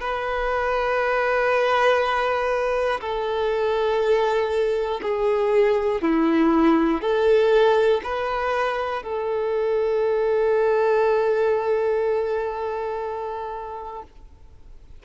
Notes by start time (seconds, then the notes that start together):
0.00 B4
3.01 A4
5.02 G#4
6.02 E4
7.01 A4
8.04 B4
9.03 A4